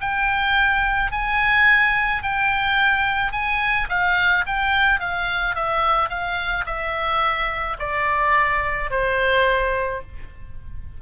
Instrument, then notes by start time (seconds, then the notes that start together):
oboe
0.00 G5
1.11 G#5
2.22 G5
3.32 G#5
3.89 F5
4.46 G5
4.99 F5
5.55 E5
6.09 F5
6.65 E5
7.79 D5
8.90 C5